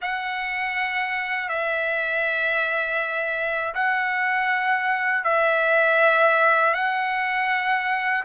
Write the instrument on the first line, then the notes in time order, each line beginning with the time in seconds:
trumpet
0.01 F#5
1.48 E5
3.74 F#5
5.24 E5
6.73 F#5